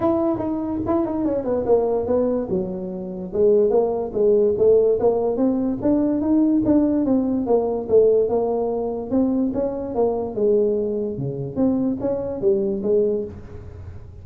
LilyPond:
\new Staff \with { instrumentName = "tuba" } { \time 4/4 \tempo 4 = 145 e'4 dis'4 e'8 dis'8 cis'8 b8 | ais4 b4 fis2 | gis4 ais4 gis4 a4 | ais4 c'4 d'4 dis'4 |
d'4 c'4 ais4 a4 | ais2 c'4 cis'4 | ais4 gis2 cis4 | c'4 cis'4 g4 gis4 | }